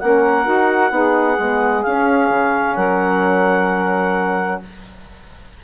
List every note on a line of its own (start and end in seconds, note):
0.00 0.47 A#3
0.00 0.45 C#4
0.00 0.93 A#4
0.00 1.83 F#5
0.45 0.91 D#4
0.45 0.91 F#4
0.91 1.37 B3
0.91 1.37 D#4
0.91 2.77 G#4
1.37 1.85 G#3
1.37 1.84 B3
1.83 2.30 C#4
1.83 4.64 C#4
1.83 2.75 F5
2.30 2.76 C#3
2.75 4.61 F#3
2.75 4.61 A#4
2.75 4.60 F#5